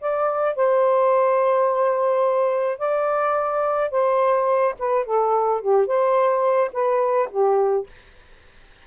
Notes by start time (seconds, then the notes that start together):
0.00 D5
0.55 C5
2.78 D5
3.90 C5
4.79 B4
5.05 A4
5.61 G4
5.86 C5
6.73 B4
7.30 G4